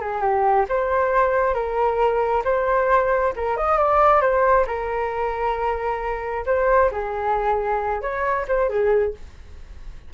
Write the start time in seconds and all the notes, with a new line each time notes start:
0.00 G#4
0.21 G4
0.68 C5
1.54 A#4
2.44 C5
3.36 A#4
3.56 D#5
3.78 D5
4.21 C5
4.67 A#4
6.46 C5
6.92 G#4
8.01 C#5
8.48 C5
8.69 G#4